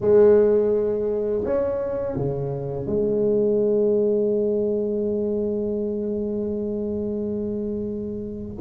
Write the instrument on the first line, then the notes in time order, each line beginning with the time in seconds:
tuba
0.00 G#3
1.44 C#4
2.16 C#3
2.86 G#3